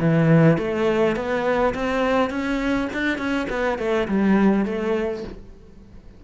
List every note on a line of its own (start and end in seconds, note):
0.00 0.58 E3
0.58 1.16 A3
1.16 1.74 B3
1.75 2.30 C4
2.30 2.88 C#4
2.94 3.18 D4
3.18 3.47 C#4
3.50 3.79 B3
3.79 4.08 A3
4.08 4.65 G3
4.65 5.24 A3